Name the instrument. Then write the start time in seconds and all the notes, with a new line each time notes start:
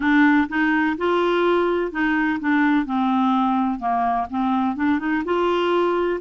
clarinet
0.00 D4
0.48 D#4
0.97 F4
1.91 D#4
2.39 D4
2.85 C4
3.79 A#3
4.30 C4
4.76 D4
4.99 D#4
5.24 F4